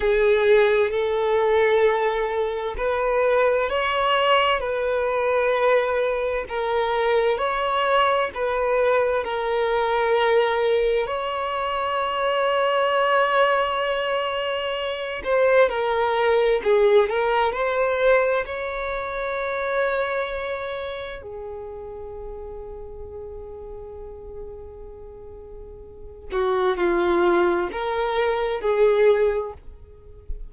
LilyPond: \new Staff \with { instrumentName = "violin" } { \time 4/4 \tempo 4 = 65 gis'4 a'2 b'4 | cis''4 b'2 ais'4 | cis''4 b'4 ais'2 | cis''1~ |
cis''8 c''8 ais'4 gis'8 ais'8 c''4 | cis''2. gis'4~ | gis'1~ | gis'8 fis'8 f'4 ais'4 gis'4 | }